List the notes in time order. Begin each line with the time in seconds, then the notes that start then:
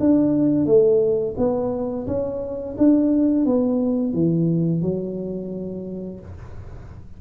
0.00 D4
0.66 A3
1.38 B3
2.07 C#4
2.78 D4
3.46 B3
4.14 E3
4.82 F#3